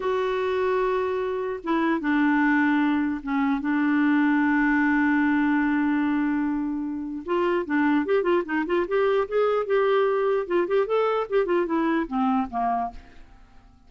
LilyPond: \new Staff \with { instrumentName = "clarinet" } { \time 4/4 \tempo 4 = 149 fis'1 | e'4 d'2. | cis'4 d'2.~ | d'1~ |
d'2 f'4 d'4 | g'8 f'8 dis'8 f'8 g'4 gis'4 | g'2 f'8 g'8 a'4 | g'8 f'8 e'4 c'4 ais4 | }